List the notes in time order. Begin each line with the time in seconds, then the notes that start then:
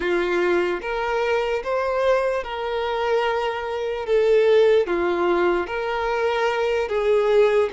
0.00 F4
0.81 A#4
1.63 C5
2.43 A#4
4.05 A4
4.86 F4
5.66 A#4
6.88 G#4